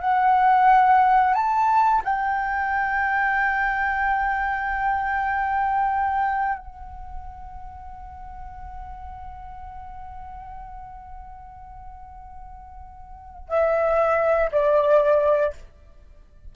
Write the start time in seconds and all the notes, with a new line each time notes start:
0.00 F#5
1.34 A5
2.04 G5
6.59 F#5
13.49 E5
14.52 D5